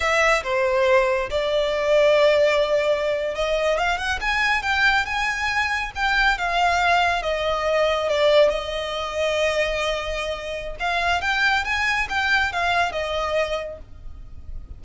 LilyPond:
\new Staff \with { instrumentName = "violin" } { \time 4/4 \tempo 4 = 139 e''4 c''2 d''4~ | d''2.~ d''8. dis''16~ | dis''8. f''8 fis''8 gis''4 g''4 gis''16~ | gis''4.~ gis''16 g''4 f''4~ f''16~ |
f''8. dis''2 d''4 dis''16~ | dis''1~ | dis''4 f''4 g''4 gis''4 | g''4 f''4 dis''2 | }